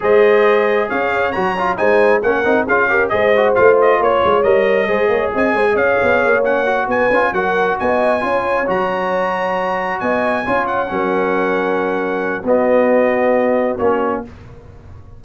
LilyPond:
<<
  \new Staff \with { instrumentName = "trumpet" } { \time 4/4 \tempo 4 = 135 dis''2 f''4 ais''4 | gis''4 fis''4 f''4 dis''4 | f''8 dis''8 cis''4 dis''2 | gis''4 f''4. fis''4 gis''8~ |
gis''8 fis''4 gis''2 ais''8~ | ais''2~ ais''8 gis''4. | fis''1 | dis''2. cis''4 | }
  \new Staff \with { instrumentName = "horn" } { \time 4/4 c''2 cis''2 | c''4 ais'4 gis'8 ais'8 c''4~ | c''4 cis''2 c''8 cis''8 | dis''8 c''16 dis''16 cis''2~ cis''8 b'8~ |
b'8 ais'4 dis''4 cis''4.~ | cis''2~ cis''8 dis''4 cis''8~ | cis''8 ais'2.~ ais'8 | fis'1 | }
  \new Staff \with { instrumentName = "trombone" } { \time 4/4 gis'2. fis'8 f'8 | dis'4 cis'8 dis'8 f'8 g'8 gis'8 fis'8 | f'2 ais'4 gis'4~ | gis'2~ gis'8 cis'8 fis'4 |
f'8 fis'2 f'4 fis'8~ | fis'2.~ fis'8 f'8~ | f'8 cis'2.~ cis'8 | b2. cis'4 | }
  \new Staff \with { instrumentName = "tuba" } { \time 4/4 gis2 cis'4 fis4 | gis4 ais8 c'8 cis'4 gis4 | a4 ais8 gis8 g4 gis8 ais8 | c'8 gis8 cis'8 b8 ais4. b8 |
cis'8 fis4 b4 cis'4 fis8~ | fis2~ fis8 b4 cis'8~ | cis'8 fis2.~ fis8 | b2. ais4 | }
>>